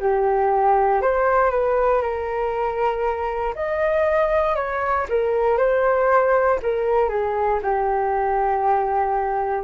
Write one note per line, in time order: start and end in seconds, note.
0.00 1.02 G4
1.02 1.51 C5
1.51 2.02 B4
2.02 3.55 A#4
3.55 4.56 D#5
4.56 5.07 C#5
5.09 5.57 A#4
5.57 6.59 C5
6.62 7.09 A#4
7.09 7.60 G#4
7.63 9.64 G4